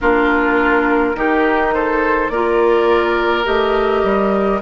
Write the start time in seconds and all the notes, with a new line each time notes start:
0.00 A#3 D4 F4 A#4
1.15 D#3 D#4 G4
1.73 A4 C5
2.29 A#3 F4 A#4 D5
3.44 A3 G4 D#5
4.03 G3